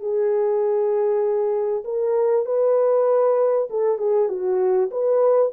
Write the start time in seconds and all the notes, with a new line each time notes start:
0.00 G#4
1.85 A#4
2.46 B4
3.70 A4
3.98 G#4
4.29 F#4
4.91 B4